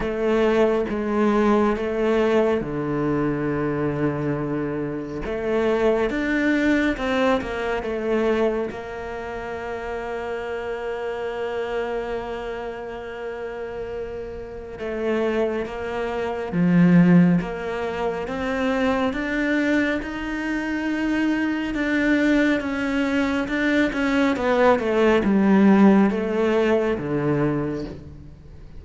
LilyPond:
\new Staff \with { instrumentName = "cello" } { \time 4/4 \tempo 4 = 69 a4 gis4 a4 d4~ | d2 a4 d'4 | c'8 ais8 a4 ais2~ | ais1~ |
ais4 a4 ais4 f4 | ais4 c'4 d'4 dis'4~ | dis'4 d'4 cis'4 d'8 cis'8 | b8 a8 g4 a4 d4 | }